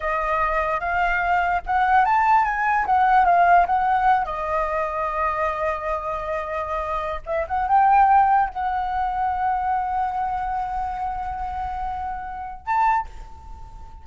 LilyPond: \new Staff \with { instrumentName = "flute" } { \time 4/4 \tempo 4 = 147 dis''2 f''2 | fis''4 a''4 gis''4 fis''4 | f''4 fis''4. dis''4.~ | dis''1~ |
dis''4.~ dis''16 e''8 fis''8 g''4~ g''16~ | g''8. fis''2.~ fis''16~ | fis''1~ | fis''2. a''4 | }